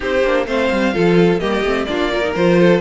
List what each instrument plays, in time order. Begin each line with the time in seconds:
0.00 cello C4, viola D#4, violin G4 C5
0.24 cello A#3, viola D4
0.46 cello A3, viola C4, violin C5 F5
0.71 cello G3
0.93 cello F3, viola F4, violin A4
1.39 cello G3, viola A#3, violin G4 D#5
1.62 cello A3, viola C4
1.85 cello A#3, viola D4, violin F4 D5
2.12 viola F4, violin A#4
2.21 viola D#4
2.35 cello F3, viola F4, violin C5
2.59 violin A4